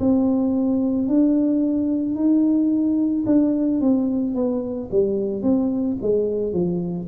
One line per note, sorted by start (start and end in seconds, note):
0.00 1.08 C4
1.08 2.16 D4
2.16 3.25 D#4
3.26 3.81 D4
3.81 4.35 C4
4.35 4.89 B3
4.91 5.43 G3
5.43 5.98 C4
6.02 6.53 G#3
6.53 7.08 F3